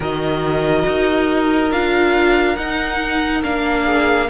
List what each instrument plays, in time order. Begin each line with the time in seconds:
0.00 cello D#3, viola F#4, violin A#4 D#5
0.86 cello D#4
1.71 cello D4, viola F4, violin F5
2.56 cello D#4, viola D#4, violin F#5
3.42 cello A#3, viola D4, violin F5
3.84 violin G#4